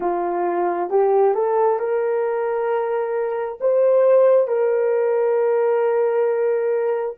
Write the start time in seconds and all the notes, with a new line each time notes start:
0.00 F4
0.90 G4
1.34 A4
1.79 A#4
3.60 C5
4.47 A#4